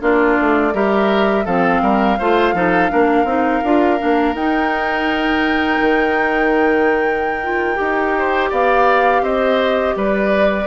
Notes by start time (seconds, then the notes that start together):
0.00 A#3 D4 F4 D5
0.40 A3
0.73 G3 G4 A#4 E5
1.45 F3 C4 A4 F5
1.81 G3 A#4
2.18 A3 F4 C5
2.53 F3 D#4 A4
2.89 A#3 D4 A#4
3.24 C4 D#4
3.64 D4 F4
3.98 A#3 D4
4.34 D#4 G5
5.80 D#3
7.43 F4
7.75 D#4 G4
8.18 C5
8.49 B3 D5 F5
9.21 C4 C5 D#5
9.95 G3 B4 D5